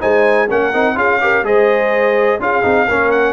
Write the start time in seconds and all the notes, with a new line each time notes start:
0.00 G#3 D#4 C5 G#5
0.49 A#3 C#4 A#4 F#5
0.73 C4 D#4
0.95 C#4 F4 G#4 F5
1.21 G4 A#4
1.43 G#3 G#4 C5 D#5
2.39 C#4 F4 G#4 F5
2.62 C4 D#4
2.87 A#3 C#4 A#4
3.11 F#5